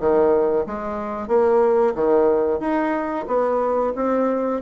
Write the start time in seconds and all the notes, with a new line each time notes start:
0.00 D#3
0.66 G#3
1.28 A#3
1.95 D#3
2.60 D#4
3.28 B3
3.96 C4